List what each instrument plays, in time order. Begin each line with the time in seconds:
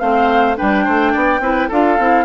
0.00 bassoon A3, clarinet C4, oboe C5, flute F5
0.57 bassoon G3, clarinet D4, oboe B4, flute G5
0.85 bassoon A3, oboe C5
1.13 bassoon B3, oboe D5
1.40 bassoon C4, clarinet E4, oboe B4
1.69 bassoon D4, clarinet F4, oboe A4, flute F5
1.99 bassoon C4, clarinet E4